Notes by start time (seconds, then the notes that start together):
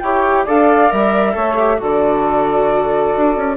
0.00 E4 G4 C#5 G5
0.44 D4 A4 D5 F5
0.89 G3 A#4 E5
1.34 A3 A4 C#5
1.59 G4
1.77 D3 F#4 A4 D5
3.17 D4
3.37 C#4